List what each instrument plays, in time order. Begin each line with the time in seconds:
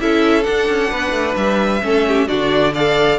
0.00 cello C#4, viola E4, violin A4 E5
0.43 viola D4, cello D4, violin F#5
0.69 cello C#4
0.91 cello B3, violin B4
1.11 cello A3
1.36 cello G3, violin E5
1.82 cello A3, viola C#4, violin A4
2.07 violin G4
2.27 cello D3, viola D4, violin F#4 D5
2.74 viola A4, violin D5 F5